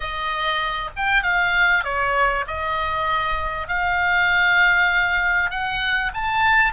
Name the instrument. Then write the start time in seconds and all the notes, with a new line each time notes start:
oboe
0.00 D#5
0.96 G5
1.22 F5
1.83 C#5
2.47 D#5
3.68 F5
5.50 F#5
6.14 A5